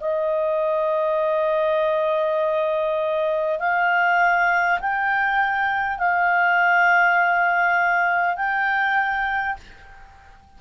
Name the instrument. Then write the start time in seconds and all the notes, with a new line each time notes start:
clarinet
0.00 D#5
3.59 F5
4.80 G5
5.98 F5
8.36 G5